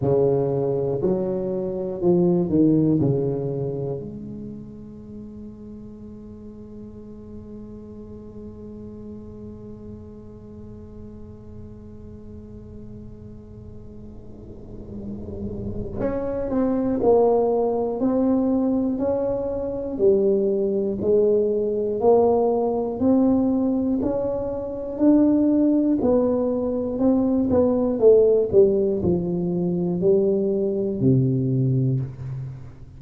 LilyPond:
\new Staff \with { instrumentName = "tuba" } { \time 4/4 \tempo 4 = 60 cis4 fis4 f8 dis8 cis4 | gis1~ | gis1~ | gis1 |
cis'8 c'8 ais4 c'4 cis'4 | g4 gis4 ais4 c'4 | cis'4 d'4 b4 c'8 b8 | a8 g8 f4 g4 c4 | }